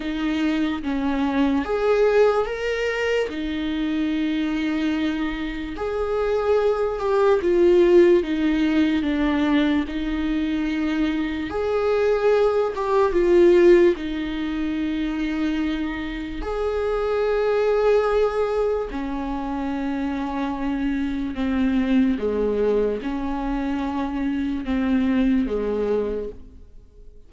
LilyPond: \new Staff \with { instrumentName = "viola" } { \time 4/4 \tempo 4 = 73 dis'4 cis'4 gis'4 ais'4 | dis'2. gis'4~ | gis'8 g'8 f'4 dis'4 d'4 | dis'2 gis'4. g'8 |
f'4 dis'2. | gis'2. cis'4~ | cis'2 c'4 gis4 | cis'2 c'4 gis4 | }